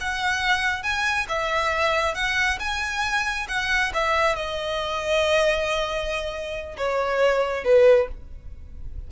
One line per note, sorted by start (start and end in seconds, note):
0.00 0.83 F#5
0.83 1.27 G#5
1.28 2.14 E5
2.14 2.58 F#5
2.59 3.47 G#5
3.48 3.92 F#5
3.93 4.35 E5
4.35 6.76 D#5
6.77 7.64 C#5
7.64 8.08 B4